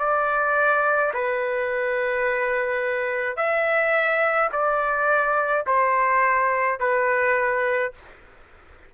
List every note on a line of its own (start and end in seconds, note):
0.00 1.13 D5
1.14 3.37 B4
3.37 4.50 E5
4.53 5.66 D5
5.67 6.80 C5
6.80 7.93 B4